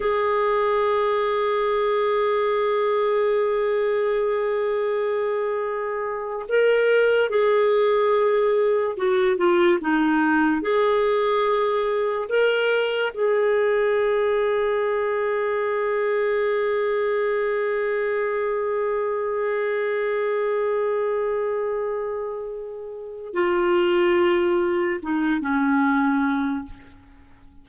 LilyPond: \new Staff \with { instrumentName = "clarinet" } { \time 4/4 \tempo 4 = 72 gis'1~ | gis'2.~ gis'8. ais'16~ | ais'8. gis'2 fis'8 f'8 dis'16~ | dis'8. gis'2 ais'4 gis'16~ |
gis'1~ | gis'1~ | gis'1 | f'2 dis'8 cis'4. | }